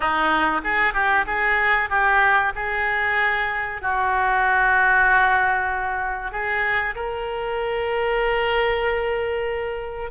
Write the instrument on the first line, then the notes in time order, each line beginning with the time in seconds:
oboe
0.00 D#4
0.64 G#4
0.93 G4
1.26 G#4
1.89 G4
2.55 G#4
3.81 F#4
6.31 G#4
6.95 A#4